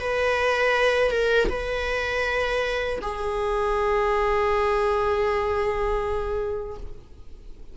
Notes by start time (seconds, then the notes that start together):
0.00 B4
1.11 A#4
1.49 B4
3.02 G#4